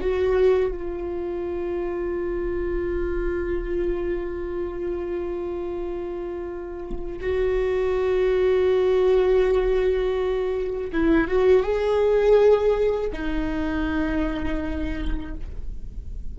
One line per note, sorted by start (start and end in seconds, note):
0.00 0.71 F#4
0.71 7.19 F4
7.20 10.91 F#4
10.92 11.28 E4
11.28 11.63 F#4
11.63 13.11 G#4
13.12 15.34 D#4